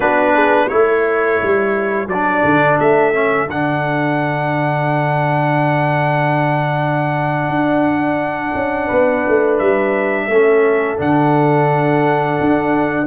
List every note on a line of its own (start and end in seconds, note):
0.00 0.70 B3
0.00 0.69 D4
0.00 0.32 F#4
0.00 0.68 B4
0.34 0.68 G#4
0.68 1.41 A3
0.68 2.08 E4
0.68 8.86 A4
0.68 2.07 C#5
1.42 2.07 G3
2.07 2.42 F#3
2.07 3.13 D4
2.07 2.78 D5
2.43 2.78 D3
2.79 3.47 A3
2.79 3.49 E5
3.13 3.48 C#4
3.47 7.48 D3
3.47 10.31 D4
3.47 9.58 F#5
7.48 8.52 D4
8.54 8.89 C#4
8.86 9.26 B3
8.86 10.25 B4
9.27 9.60 A3
9.58 10.27 G3
9.58 10.97 E5
10.27 10.97 A3
10.27 10.97 C#4
10.27 13.06 A4
10.97 12.39 D3
10.97 13.06 D4
10.97 13.06 F#5
12.40 13.06 D4